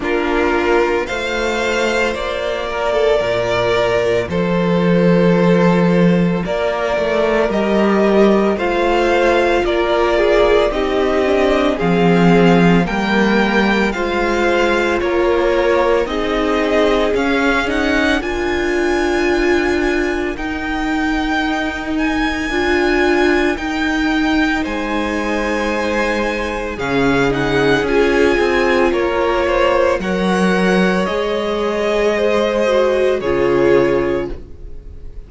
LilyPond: <<
  \new Staff \with { instrumentName = "violin" } { \time 4/4 \tempo 4 = 56 ais'4 f''4 d''2 | c''2 d''4 dis''4 | f''4 d''4 dis''4 f''4 | g''4 f''4 cis''4 dis''4 |
f''8 fis''8 gis''2 g''4~ | g''8 gis''4. g''4 gis''4~ | gis''4 f''8 fis''8 gis''4 cis''4 | fis''4 dis''2 cis''4 | }
  \new Staff \with { instrumentName = "violin" } { \time 4/4 f'4 c''4. ais'16 a'16 ais'4 | a'2 ais'2 | c''4 ais'8 gis'8 g'4 gis'4 | ais'4 c''4 ais'4 gis'4~ |
gis'4 ais'2.~ | ais'2. c''4~ | c''4 gis'2 ais'8 c''8 | cis''2 c''4 gis'4 | }
  \new Staff \with { instrumentName = "viola" } { \time 4/4 d'4 f'2.~ | f'2. g'4 | f'2 dis'8 d'8 c'4 | ais4 f'2 dis'4 |
cis'8 dis'8 f'2 dis'4~ | dis'4 f'4 dis'2~ | dis'4 cis'8 dis'8 f'2 | ais'4 gis'4. fis'8 f'4 | }
  \new Staff \with { instrumentName = "cello" } { \time 4/4 ais4 a4 ais4 ais,4 | f2 ais8 a8 g4 | a4 ais4 c'4 f4 | g4 gis4 ais4 c'4 |
cis'4 d'2 dis'4~ | dis'4 d'4 dis'4 gis4~ | gis4 cis4 cis'8 c'8 ais4 | fis4 gis2 cis4 | }
>>